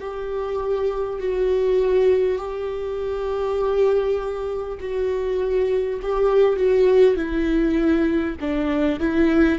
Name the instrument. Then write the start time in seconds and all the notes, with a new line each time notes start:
viola
0.00 G4
1.19 F#4
2.38 G4
4.80 F#4
6.02 G4
6.56 F#4
7.16 E4
8.41 D4
8.99 E4